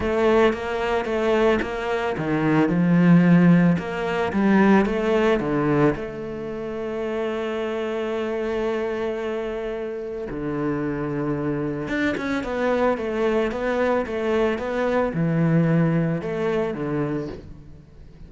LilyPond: \new Staff \with { instrumentName = "cello" } { \time 4/4 \tempo 4 = 111 a4 ais4 a4 ais4 | dis4 f2 ais4 | g4 a4 d4 a4~ | a1~ |
a2. d4~ | d2 d'8 cis'8 b4 | a4 b4 a4 b4 | e2 a4 d4 | }